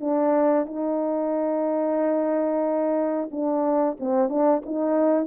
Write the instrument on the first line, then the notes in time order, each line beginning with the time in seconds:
horn
0.00 D4
0.66 D#4
3.31 D4
3.99 C4
4.29 D4
4.65 D#4